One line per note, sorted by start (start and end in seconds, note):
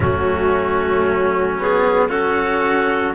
0.00 3.14 F#3
0.00 1.58 A3
0.00 2.09 C#4
0.00 1.58 F#4
1.58 2.09 B3
1.58 2.09 G#4
2.09 3.14 C#4
2.09 3.14 F#4
2.09 3.14 A4